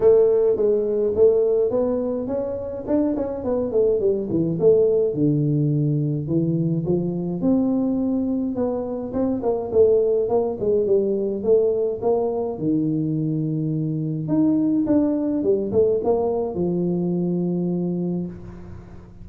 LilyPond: \new Staff \with { instrumentName = "tuba" } { \time 4/4 \tempo 4 = 105 a4 gis4 a4 b4 | cis'4 d'8 cis'8 b8 a8 g8 e8 | a4 d2 e4 | f4 c'2 b4 |
c'8 ais8 a4 ais8 gis8 g4 | a4 ais4 dis2~ | dis4 dis'4 d'4 g8 a8 | ais4 f2. | }